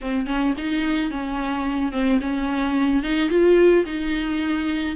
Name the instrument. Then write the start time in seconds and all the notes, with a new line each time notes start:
viola
0.01 C4
0.26 C#4
0.57 D#4
1.10 C#4
1.92 C4
2.20 C#4
3.03 D#4
3.29 F4
3.85 D#4